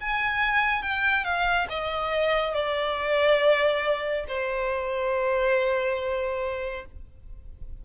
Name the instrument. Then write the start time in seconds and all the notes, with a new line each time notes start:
violin
0.00 G#5
0.82 G5
1.24 F5
1.69 D#5
2.54 D5
4.28 C5